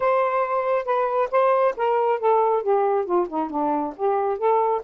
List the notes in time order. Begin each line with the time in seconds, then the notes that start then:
0.00 C5
0.85 B4
1.31 C5
1.76 A#4
2.19 A4
2.62 G4
3.05 F4
3.28 D#4
3.50 D4
3.96 G4
4.38 A4